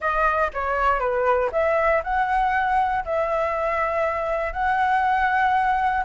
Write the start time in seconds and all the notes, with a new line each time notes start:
0.00 D#5
0.53 C#5
0.99 B4
1.51 E5
2.03 F#5
3.05 E5
4.52 F#5